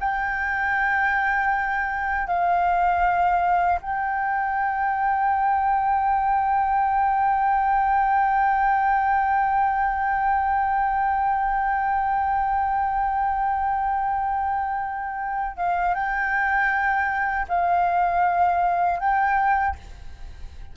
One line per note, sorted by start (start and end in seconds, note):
0.00 2.27 G5
2.27 3.79 F5
3.81 15.57 G5
15.57 15.94 F5
15.94 17.46 G5
17.49 18.99 F5
18.99 19.75 G5